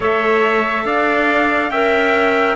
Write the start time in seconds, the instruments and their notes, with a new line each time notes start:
0.00 cello A3, clarinet A4, trumpet C#5 E5
0.84 cello D4, trumpet D5 F5
1.69 cello C#4, clarinet A#4, trumpet E5 G5